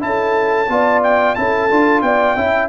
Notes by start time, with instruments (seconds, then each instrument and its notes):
0.00 tuba C#4, trombone E4, trumpet A5
0.06 horn A4
0.69 tuba B3, trombone F4, horn D5
1.04 trumpet G5
1.35 tuba C#4, trombone E4, horn A4, trumpet A5
1.71 tuba D4, trombone F4
2.02 tuba B3, horn D5, trumpet G5
2.37 tuba C#4, trombone E4, horn E5